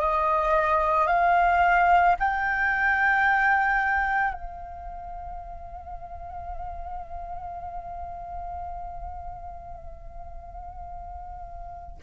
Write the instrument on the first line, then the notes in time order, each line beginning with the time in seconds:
flute
0.00 D#5
1.07 F5
2.20 G5
4.33 F5